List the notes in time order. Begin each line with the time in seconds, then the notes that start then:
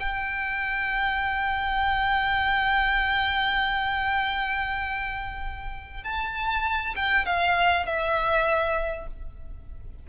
0.00 G5
6.04 A5
6.96 G5
7.25 F5
7.86 E5